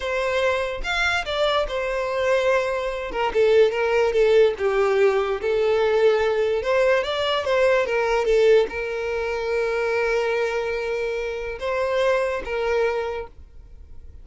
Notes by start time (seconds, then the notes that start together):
0.00 C5
0.83 F5
1.25 D5
1.67 C5
3.11 A#4
3.33 A4
3.71 A#4
4.12 A4
4.58 G4
5.41 A4
6.62 C5
7.03 D5
7.44 C5
7.86 A#4
8.25 A4
8.69 A#4
11.59 C5
12.44 A#4